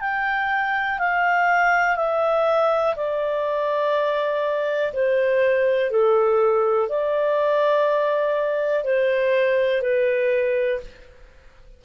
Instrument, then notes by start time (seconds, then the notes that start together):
clarinet
0.00 G5
0.98 F5
1.96 E5
2.96 D5
4.93 C5
5.91 A4
6.89 D5
8.84 C5
9.81 B4